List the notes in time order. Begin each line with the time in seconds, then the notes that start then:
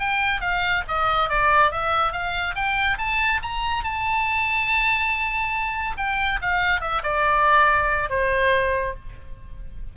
0.00 G5
0.41 F5
0.89 D#5
1.30 D5
1.72 E5
2.13 F5
2.56 G5
2.98 A5
3.43 A#5
3.84 A5
5.98 G5
6.42 F5
6.81 E5
7.04 D5
8.10 C5